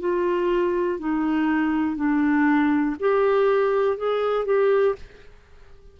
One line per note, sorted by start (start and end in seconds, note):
0.00 1.00 F4
1.00 1.96 D#4
1.96 2.96 D4
3.00 3.98 G4
3.98 4.45 G#4
4.45 4.95 G4